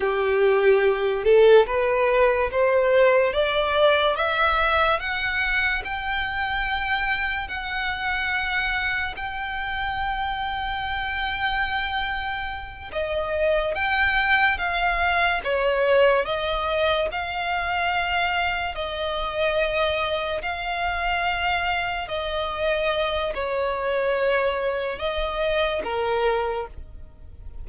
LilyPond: \new Staff \with { instrumentName = "violin" } { \time 4/4 \tempo 4 = 72 g'4. a'8 b'4 c''4 | d''4 e''4 fis''4 g''4~ | g''4 fis''2 g''4~ | g''2.~ g''8 dis''8~ |
dis''8 g''4 f''4 cis''4 dis''8~ | dis''8 f''2 dis''4.~ | dis''8 f''2 dis''4. | cis''2 dis''4 ais'4 | }